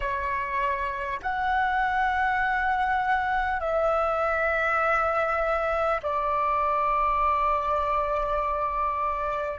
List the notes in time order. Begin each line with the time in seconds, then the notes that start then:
0.00 C#5
1.22 F#5
3.60 E5
6.03 D5